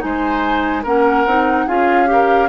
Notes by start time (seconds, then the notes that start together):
0.00 G#3 D#4 C5 G#5
0.83 A#3 C#4 A#4 F#5
1.26 C4 D#4
1.67 C#4 F4 G#4 F5
2.07 G4 A#4